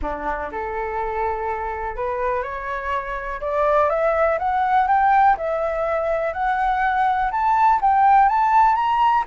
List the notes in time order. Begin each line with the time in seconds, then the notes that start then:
0.02 D4
0.51 A4
1.96 B4
2.43 C#5
3.40 D5
3.89 E5
4.39 F#5
4.87 G5
5.37 E5
6.33 F#5
7.31 A5
7.81 G5
8.29 A5
8.75 A#5